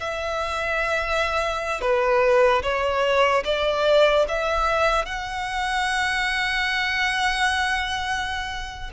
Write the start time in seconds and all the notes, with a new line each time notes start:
0.00 E5
1.81 B4
2.62 C#5
3.45 D5
4.28 E5
5.06 F#5